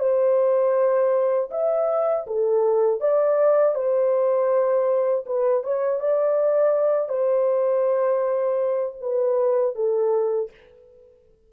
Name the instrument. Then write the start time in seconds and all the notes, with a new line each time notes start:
horn
0.00 C5
1.51 E5
2.27 A4
3.01 D5
3.75 C5
5.26 B4
5.64 C#5
6.00 D5
7.09 C5
9.01 B4
9.76 A4